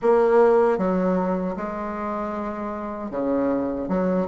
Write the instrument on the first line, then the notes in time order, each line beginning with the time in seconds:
bassoon
0.02 A#3
0.78 F#3
1.56 G#3
3.11 C#3
3.88 F#3